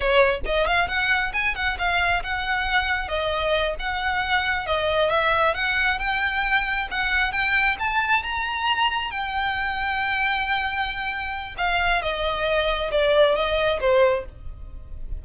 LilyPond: \new Staff \with { instrumentName = "violin" } { \time 4/4 \tempo 4 = 135 cis''4 dis''8 f''8 fis''4 gis''8 fis''8 | f''4 fis''2 dis''4~ | dis''8 fis''2 dis''4 e''8~ | e''8 fis''4 g''2 fis''8~ |
fis''8 g''4 a''4 ais''4.~ | ais''8 g''2.~ g''8~ | g''2 f''4 dis''4~ | dis''4 d''4 dis''4 c''4 | }